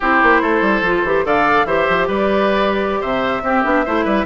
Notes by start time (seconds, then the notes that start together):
0.00 C4 E4 G4 C5
0.22 A#3
0.41 A3 A4
0.61 G3
0.81 F3 F4
1.03 E3 G4
1.24 D3 A4 D5 F5
1.65 E3 G4 C5 E5
1.89 F3
2.07 G3 B4 D5
3.00 C3 C5 E5
3.42 C4 G4
3.64 B3 D4
3.85 A3 E4 C5
4.04 G3 B4